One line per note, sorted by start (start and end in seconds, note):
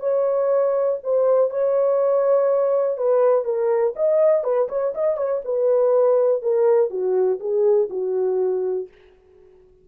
0.00 0.98 C#5
1.04 1.50 C5
1.50 2.98 C#5
2.98 3.45 B4
3.45 3.94 A#4
3.96 4.44 D#5
4.44 4.68 B4
4.69 4.93 C#5
4.95 5.17 D#5
5.17 5.42 C#5
5.45 6.42 B4
6.42 6.90 A#4
6.90 7.39 F#4
7.40 7.89 G#4
7.90 8.88 F#4